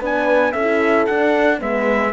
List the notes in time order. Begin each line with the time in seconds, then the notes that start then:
0.00 B3 D4 B4 G#5
0.52 C#4 A4 E5
0.60 E4
1.06 D4 F#5
1.59 G#3 B3 B4 E5